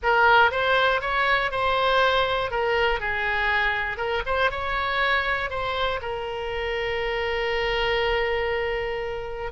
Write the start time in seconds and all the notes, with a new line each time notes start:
0.02 A#4
0.51 C5
1.01 C#5
1.51 C5
2.50 A#4
3.00 G#4
3.97 A#4
4.25 C5
4.50 C#5
5.50 C5
6.01 A#4